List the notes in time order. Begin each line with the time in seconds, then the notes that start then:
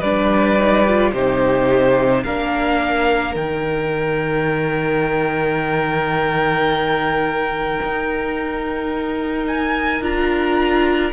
0.00 G3 D4 B4 D5
0.59 D#4
0.87 F4
1.12 C3 D#4 G4 C5
2.24 A#3 D4 A#4 F5
3.35 D#3 D#4 G5
7.83 D#4
9.47 G#5
10.01 D4 F4 A#5